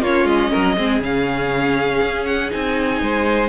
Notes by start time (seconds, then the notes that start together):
0.00 A#3 C#4 F4 C#5
0.25 G#3 D#5
0.51 F#3 A#4
0.77 G#3 C4 G#4
1.00 C#3 C#4 F5
2.02 C#4
2.25 F#5
2.51 C4 D#4 G#5
3.02 G#3 C5